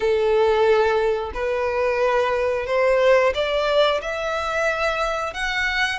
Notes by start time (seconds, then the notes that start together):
0.00 A4
1.33 B4
2.66 C5
3.34 D5
4.01 E5
5.33 F#5